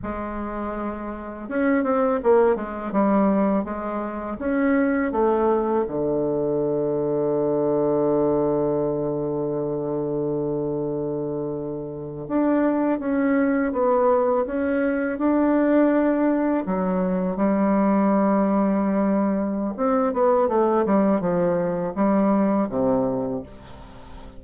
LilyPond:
\new Staff \with { instrumentName = "bassoon" } { \time 4/4 \tempo 4 = 82 gis2 cis'8 c'8 ais8 gis8 | g4 gis4 cis'4 a4 | d1~ | d1~ |
d8. d'4 cis'4 b4 cis'16~ | cis'8. d'2 fis4 g16~ | g2. c'8 b8 | a8 g8 f4 g4 c4 | }